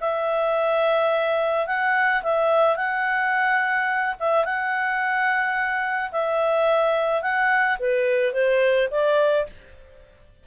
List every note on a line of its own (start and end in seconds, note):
0.00 1.66 E5
1.66 2.22 F#5
2.22 2.76 E5
2.76 4.15 F#5
4.19 4.44 E5
4.44 6.11 F#5
6.11 7.22 E5
7.22 7.78 F#5
7.79 8.33 B4
8.33 8.88 C5
8.90 9.46 D5